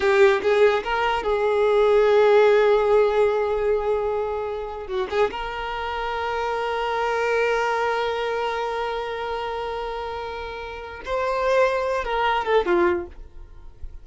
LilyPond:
\new Staff \with { instrumentName = "violin" } { \time 4/4 \tempo 4 = 147 g'4 gis'4 ais'4 gis'4~ | gis'1~ | gis'1 | fis'8 gis'8 ais'2.~ |
ais'1~ | ais'1~ | ais'2. c''4~ | c''4. ais'4 a'8 f'4 | }